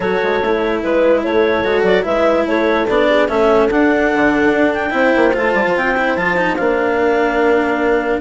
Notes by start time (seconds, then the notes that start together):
0.00 F#3 F#4 A4 C#5
0.23 G#3
0.40 A3 E4
0.82 G#3 B4
1.23 A3 A4 C#5
1.64 G#3 F#4
1.82 F#3 D5
2.02 G#3 E4 B4 E5
2.46 A3 A4 C#5
2.88 B3 D4 D5
3.08 G#4
3.28 A3 C#4 A4 E5
3.70 D4 F#5
4.14 D3
4.52 D4
4.73 G5
4.90 C4 E4 C5
5.16 A#3
5.33 A3 F4 A5
5.54 G3
5.66 F3
5.76 C4 G5
5.96 E4
6.16 F3 F4 A5
6.36 D#4
6.55 A#3 D4 F5
6.98 A#4